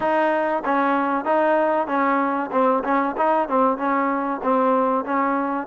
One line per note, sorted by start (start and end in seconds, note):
0.00 0.63 D#4
0.64 1.24 C#4
1.24 1.87 D#4
1.87 2.50 C#4
2.51 2.83 C4
2.84 3.15 C#4
3.17 3.48 D#4
3.48 3.77 C4
3.77 4.40 C#4
4.43 5.04 C4
5.04 5.67 C#4